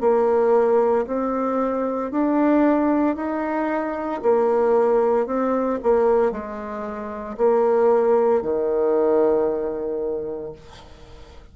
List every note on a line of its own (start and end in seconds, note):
0.00 1.05 A#3
1.07 2.11 C4
2.11 3.16 D4
3.16 4.21 D#4
4.22 5.26 A#3
5.26 5.79 C4
5.82 6.32 A#3
6.32 7.37 G#3
7.37 8.42 A#3
8.42 10.53 D#3